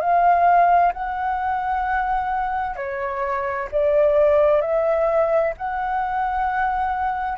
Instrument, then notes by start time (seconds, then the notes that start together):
flute
0.00 F5
0.93 F#5
2.76 C#5
3.71 D5
4.61 E5
5.57 F#5